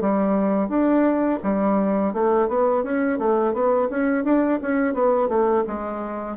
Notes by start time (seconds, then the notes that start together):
0.00 G3
0.68 D4
1.43 G3
2.13 A3
2.48 B3
2.83 C#4
3.18 A3
3.53 B3
3.90 C#4
4.24 D4
4.61 C#4
4.93 B3
5.28 A3
5.67 G#3